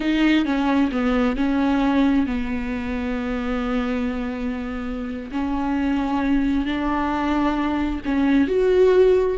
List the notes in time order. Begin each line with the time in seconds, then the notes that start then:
0.00 D#4
0.45 C#4
0.91 B3
1.36 C#4
2.26 B3
5.31 C#4
6.65 D4
8.05 C#4
8.47 F#4